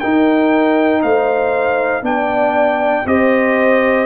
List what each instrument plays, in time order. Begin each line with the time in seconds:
0.00 trombone D#4, tuba D#4, horn A#4, trumpet G5
1.02 tuba A3, horn C5, trumpet F5
2.02 tuba B3, trombone D4, horn D5, trumpet G5
3.06 tuba C4, trombone G4, horn C5, trumpet D#5